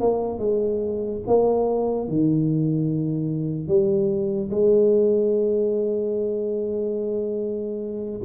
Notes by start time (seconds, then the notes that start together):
0.00 A#3
0.38 G#3
1.27 A#3
2.08 D#3
3.68 G3
4.51 G#3